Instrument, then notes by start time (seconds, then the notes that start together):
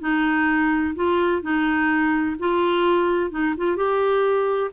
clarinet
0.00 D#4
0.95 F4
1.42 D#4
2.39 F4
3.30 D#4
3.57 F4
3.76 G4